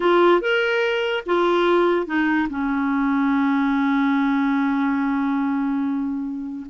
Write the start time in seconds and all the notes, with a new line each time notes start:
0.00 F4
0.40 A#4
1.26 F4
2.06 D#4
2.49 C#4